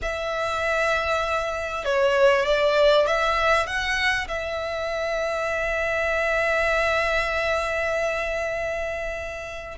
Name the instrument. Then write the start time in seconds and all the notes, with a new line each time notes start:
violin
0.02 E5
1.85 C#5
2.45 D5
3.06 E5
3.66 F#5
4.28 E5